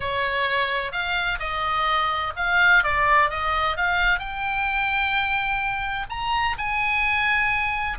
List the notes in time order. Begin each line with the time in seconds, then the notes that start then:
0.00 C#5
0.92 F5
1.39 D#5
2.36 F5
2.83 D5
3.29 D#5
3.76 F5
4.19 G5
6.09 A#5
6.58 G#5